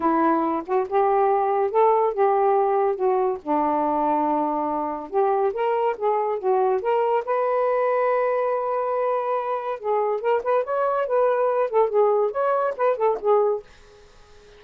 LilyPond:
\new Staff \with { instrumentName = "saxophone" } { \time 4/4 \tempo 4 = 141 e'4. fis'8 g'2 | a'4 g'2 fis'4 | d'1 | g'4 ais'4 gis'4 fis'4 |
ais'4 b'2.~ | b'2. gis'4 | ais'8 b'8 cis''4 b'4. a'8 | gis'4 cis''4 b'8 a'8 gis'4 | }